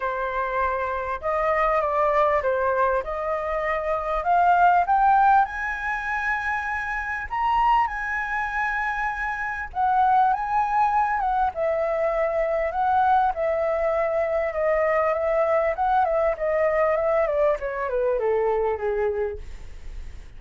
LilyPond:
\new Staff \with { instrumentName = "flute" } { \time 4/4 \tempo 4 = 99 c''2 dis''4 d''4 | c''4 dis''2 f''4 | g''4 gis''2. | ais''4 gis''2. |
fis''4 gis''4. fis''8 e''4~ | e''4 fis''4 e''2 | dis''4 e''4 fis''8 e''8 dis''4 | e''8 d''8 cis''8 b'8 a'4 gis'4 | }